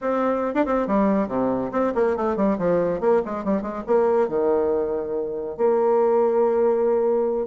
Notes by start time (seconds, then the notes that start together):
0.01 C4
0.54 D4
0.65 C4
0.87 G3
1.28 C3
1.71 C4
1.94 A#3
2.16 A3
2.36 G3
2.58 F3
3.00 A#3
3.25 G#3
3.44 G3
3.62 G#3
3.86 A#3
4.28 D#3
5.57 A#3